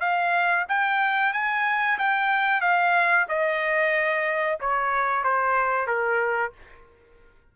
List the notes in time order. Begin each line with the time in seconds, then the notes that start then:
0.00 F5
0.68 G5
1.33 G#5
1.98 G5
2.61 F5
3.28 D#5
4.60 C#5
5.24 C5
5.87 A#4